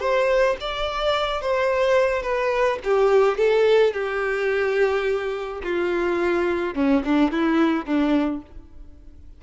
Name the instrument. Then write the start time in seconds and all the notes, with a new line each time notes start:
violin
0.00 C5
0.60 D5
1.41 C5
2.23 B4
2.84 G4
3.38 A4
3.93 G4
5.63 F4
6.74 C#4
7.05 D4
7.32 E4
7.85 D4